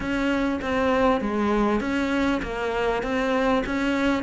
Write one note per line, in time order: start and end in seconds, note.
0.00 0.60 C#4
0.61 1.21 C4
1.21 1.80 G#3
1.80 2.41 C#4
2.42 3.02 A#3
3.02 3.63 C4
3.66 4.23 C#4